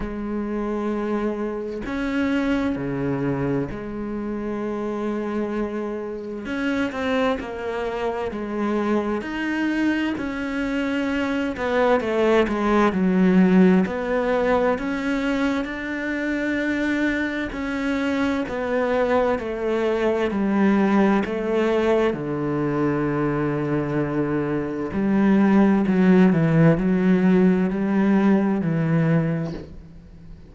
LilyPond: \new Staff \with { instrumentName = "cello" } { \time 4/4 \tempo 4 = 65 gis2 cis'4 cis4 | gis2. cis'8 c'8 | ais4 gis4 dis'4 cis'4~ | cis'8 b8 a8 gis8 fis4 b4 |
cis'4 d'2 cis'4 | b4 a4 g4 a4 | d2. g4 | fis8 e8 fis4 g4 e4 | }